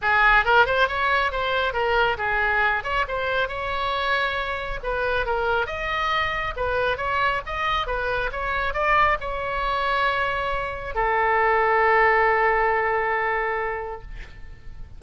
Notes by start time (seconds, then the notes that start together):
0.01 G#4
0.44 A#4
0.66 C5
0.88 C#5
1.31 C5
1.73 A#4
2.17 G#4
2.83 C#5
3.08 C5
3.48 C#5
4.83 B4
5.26 A#4
5.66 D#5
6.56 B4
6.97 C#5
7.46 D#5
7.86 B4
8.32 C#5
8.73 D5
9.20 C#5
10.94 A4